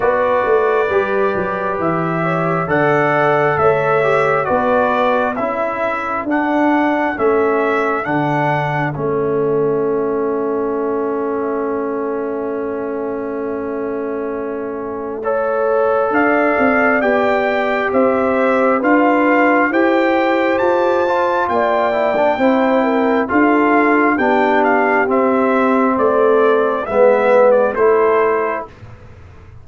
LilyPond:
<<
  \new Staff \with { instrumentName = "trumpet" } { \time 4/4 \tempo 4 = 67 d''2 e''4 fis''4 | e''4 d''4 e''4 fis''4 | e''4 fis''4 e''2~ | e''1~ |
e''2 f''4 g''4 | e''4 f''4 g''4 a''4 | g''2 f''4 g''8 f''8 | e''4 d''4 e''8. d''16 c''4 | }
  \new Staff \with { instrumentName = "horn" } { \time 4/4 b'2~ b'8 cis''8 d''4 | cis''4 b'4 a'2~ | a'1~ | a'1~ |
a'4 cis''4 d''2 | c''4 b'4 c''2 | d''4 c''8 ais'8 a'4 g'4~ | g'4 a'4 b'4 a'4 | }
  \new Staff \with { instrumentName = "trombone" } { \time 4/4 fis'4 g'2 a'4~ | a'8 g'8 fis'4 e'4 d'4 | cis'4 d'4 cis'2~ | cis'1~ |
cis'4 a'2 g'4~ | g'4 f'4 g'4. f'8~ | f'8 e'16 d'16 e'4 f'4 d'4 | c'2 b4 e'4 | }
  \new Staff \with { instrumentName = "tuba" } { \time 4/4 b8 a8 g8 fis8 e4 d4 | a4 b4 cis'4 d'4 | a4 d4 a2~ | a1~ |
a2 d'8 c'8 b4 | c'4 d'4 e'4 f'4 | ais4 c'4 d'4 b4 | c'4 a4 gis4 a4 | }
>>